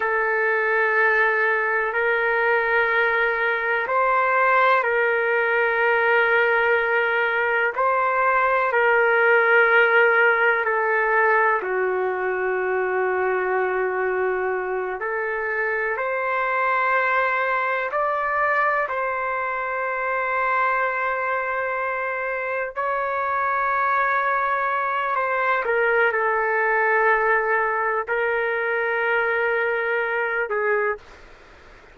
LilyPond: \new Staff \with { instrumentName = "trumpet" } { \time 4/4 \tempo 4 = 62 a'2 ais'2 | c''4 ais'2. | c''4 ais'2 a'4 | fis'2.~ fis'8 a'8~ |
a'8 c''2 d''4 c''8~ | c''2.~ c''8 cis''8~ | cis''2 c''8 ais'8 a'4~ | a'4 ais'2~ ais'8 gis'8 | }